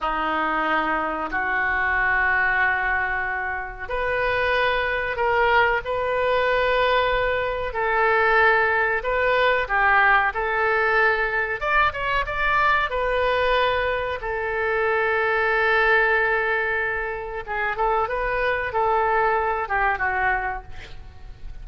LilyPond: \new Staff \with { instrumentName = "oboe" } { \time 4/4 \tempo 4 = 93 dis'2 fis'2~ | fis'2 b'2 | ais'4 b'2. | a'2 b'4 g'4 |
a'2 d''8 cis''8 d''4 | b'2 a'2~ | a'2. gis'8 a'8 | b'4 a'4. g'8 fis'4 | }